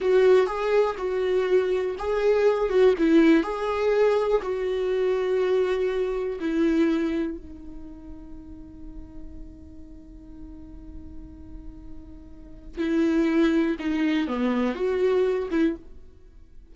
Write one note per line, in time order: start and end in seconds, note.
0.00 0.46 F#4
0.46 0.95 G#4
0.97 1.95 F#4
1.98 2.69 G#4
2.69 2.94 F#4
2.98 3.43 E4
3.43 4.41 G#4
4.42 6.39 F#4
6.39 7.37 E4
7.37 12.78 D#4
12.78 13.76 E4
13.79 14.27 D#4
14.27 14.75 B3
14.75 15.48 F#4
15.51 15.75 E4